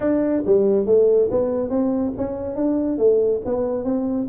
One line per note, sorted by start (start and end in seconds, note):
0.00 0.42 D4
0.46 0.86 G3
0.86 1.29 A3
1.30 1.69 B3
1.69 2.12 C4
2.17 2.55 C#4
2.55 2.98 D4
2.98 3.41 A3
3.45 3.84 B3
3.84 4.27 C4